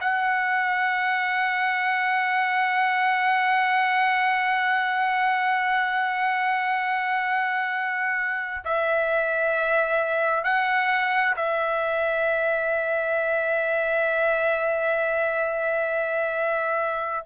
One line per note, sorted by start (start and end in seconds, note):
0.00 8.64 F#5
8.64 10.44 E5
10.44 11.35 F#5
11.36 17.25 E5